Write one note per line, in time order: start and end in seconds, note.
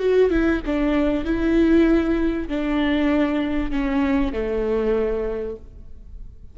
0.00 0.31 F#4
0.31 0.62 E4
0.66 1.25 D4
1.25 2.49 E4
2.49 3.71 D4
3.71 4.33 C#4
4.33 5.57 A3